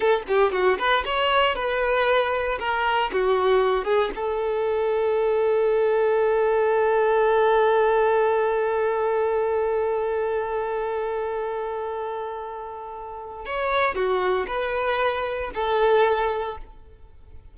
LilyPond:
\new Staff \with { instrumentName = "violin" } { \time 4/4 \tempo 4 = 116 a'8 g'8 fis'8 b'8 cis''4 b'4~ | b'4 ais'4 fis'4. gis'8 | a'1~ | a'1~ |
a'1~ | a'1~ | a'2 cis''4 fis'4 | b'2 a'2 | }